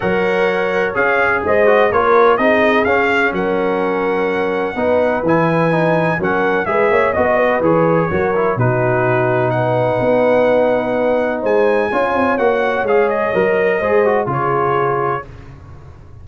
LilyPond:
<<
  \new Staff \with { instrumentName = "trumpet" } { \time 4/4 \tempo 4 = 126 fis''2 f''4 dis''4 | cis''4 dis''4 f''4 fis''4~ | fis''2. gis''4~ | gis''4 fis''4 e''4 dis''4 |
cis''2 b'2 | fis''1 | gis''2 fis''4 f''8 dis''8~ | dis''2 cis''2 | }
  \new Staff \with { instrumentName = "horn" } { \time 4/4 cis''2. c''4 | ais'4 gis'2 ais'4~ | ais'2 b'2~ | b'4 ais'4 b'8 cis''8 dis''8 b'8~ |
b'4 ais'4 fis'2 | b'1 | c''4 cis''2.~ | cis''4 c''4 gis'2 | }
  \new Staff \with { instrumentName = "trombone" } { \time 4/4 ais'2 gis'4. fis'8 | f'4 dis'4 cis'2~ | cis'2 dis'4 e'4 | dis'4 cis'4 gis'4 fis'4 |
gis'4 fis'8 e'8 dis'2~ | dis'1~ | dis'4 f'4 fis'4 gis'4 | ais'4 gis'8 fis'8 f'2 | }
  \new Staff \with { instrumentName = "tuba" } { \time 4/4 fis2 cis'4 gis4 | ais4 c'4 cis'4 fis4~ | fis2 b4 e4~ | e4 fis4 gis8 ais8 b4 |
e4 fis4 b,2~ | b,4 b2. | gis4 cis'8 c'8 ais4 gis4 | fis4 gis4 cis2 | }
>>